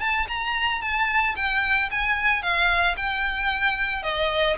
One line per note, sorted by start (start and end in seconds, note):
0.00 0.27 A5
0.28 0.81 A#5
0.81 1.35 A5
1.36 1.89 G5
1.91 2.42 G#5
2.42 2.96 F5
2.97 4.03 G5
4.03 4.56 D#5